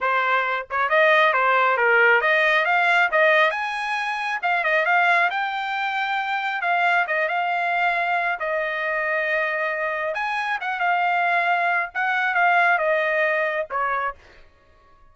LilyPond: \new Staff \with { instrumentName = "trumpet" } { \time 4/4 \tempo 4 = 136 c''4. cis''8 dis''4 c''4 | ais'4 dis''4 f''4 dis''4 | gis''2 f''8 dis''8 f''4 | g''2. f''4 |
dis''8 f''2~ f''8 dis''4~ | dis''2. gis''4 | fis''8 f''2~ f''8 fis''4 | f''4 dis''2 cis''4 | }